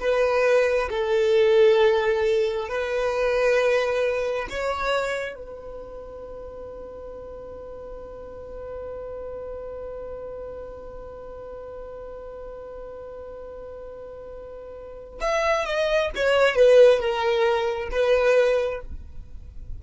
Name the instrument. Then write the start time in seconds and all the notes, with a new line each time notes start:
violin
0.00 B4
0.90 A4
2.69 B4
4.50 C#5
5.35 B4
15.21 E5
15.66 D#5
16.16 C#5
16.55 B4
17.00 A#4
17.91 B4